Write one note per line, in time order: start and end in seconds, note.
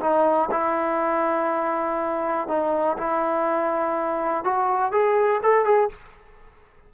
0.00 0.49 D#4
0.51 2.48 E4
2.48 2.97 D#4
2.97 4.44 E4
4.44 4.92 F#4
4.92 5.41 G#4
5.43 5.65 A4
5.65 5.89 G#4